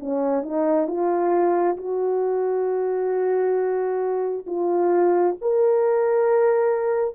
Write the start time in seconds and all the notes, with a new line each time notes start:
0.00 C#4
0.42 D#4
0.87 F4
1.77 F#4
4.47 F4
5.41 A#4